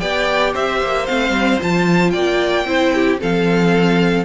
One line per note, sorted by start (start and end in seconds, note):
0.00 0.55 B3
0.00 1.07 G4
0.00 0.53 D5
0.00 0.53 G5
0.53 0.82 C4
0.53 2.12 C5
0.53 1.07 E5
0.82 1.09 A#3
1.07 1.30 A3
1.07 1.60 C4
1.07 1.60 F5
1.30 1.57 G3
1.60 2.14 F3
1.60 2.66 F4
1.60 2.11 A5
2.11 2.65 A#3
2.11 2.66 D5
2.11 3.17 G5
2.65 3.18 C4
2.65 3.20 E4
2.65 2.94 C5
2.94 3.20 G4
3.20 4.25 F3
3.20 4.25 C4
3.20 4.25 A4
3.20 4.25 F5